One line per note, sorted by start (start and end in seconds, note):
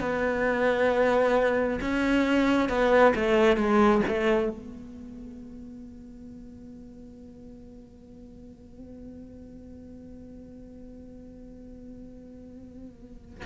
0.00 1.79 B3
1.81 2.69 C#4
2.69 3.13 B3
3.15 3.56 A3
3.56 4.01 G#3
4.08 4.49 A3
4.49 13.45 B3